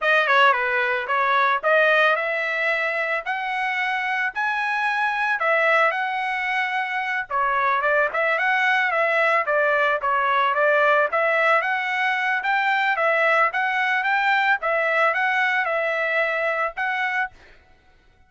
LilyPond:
\new Staff \with { instrumentName = "trumpet" } { \time 4/4 \tempo 4 = 111 dis''8 cis''8 b'4 cis''4 dis''4 | e''2 fis''2 | gis''2 e''4 fis''4~ | fis''4. cis''4 d''8 e''8 fis''8~ |
fis''8 e''4 d''4 cis''4 d''8~ | d''8 e''4 fis''4. g''4 | e''4 fis''4 g''4 e''4 | fis''4 e''2 fis''4 | }